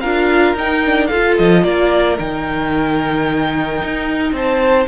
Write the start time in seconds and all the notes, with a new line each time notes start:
0.00 D4 F4 A#4 F5
0.54 D#4 G5
0.85 D4
1.07 F4 A4 F5
1.13 F4
1.38 F3 D#5
1.62 A#3 A#4 D5
2.18 D#3 D#4 G5
3.82 D#4
4.32 C4 C5 A5